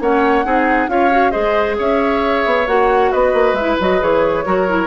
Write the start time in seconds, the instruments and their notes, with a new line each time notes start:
0.00 bassoon A#3, clarinet C#4, oboe C#5, flute F#5
0.44 bassoon C4, clarinet D#4, oboe G#4
0.87 bassoon C#4, clarinet F4, oboe C#5, flute F5
1.11 clarinet F#4
1.31 bassoon G#3, clarinet G#4, oboe C5, flute D#5
1.78 bassoon C#4, oboe C#5, flute E5
2.45 bassoon B3
2.67 bassoon A#3, clarinet F#4, flute F#5
3.11 bassoon B3, oboe B4, flute D#5
3.33 bassoon A#3
3.53 bassoon G#3, flute E5
3.59 clarinet E4
3.80 bassoon F#3, clarinet F#4, flute D#5
4.00 bassoon E3, clarinet G#4, flute C#5
4.45 bassoon F#3, clarinet F#4, oboe A#4
4.68 clarinet E4